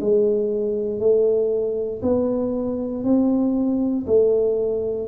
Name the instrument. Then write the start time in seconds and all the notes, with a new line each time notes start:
tuba
0.00 G#3
0.99 A3
2.02 B3
3.04 C4
4.06 A3